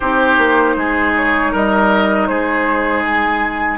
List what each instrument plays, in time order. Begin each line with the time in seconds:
0.00 bassoon C4, clarinet D#4, oboe G4, flute C5
0.37 bassoon A#3
0.76 bassoon G#3, oboe G#4
1.16 flute C#5
1.52 bassoon G3, oboe A#4, flute D#5
2.27 bassoon G#3, oboe G#4, flute C5
3.05 flute G#5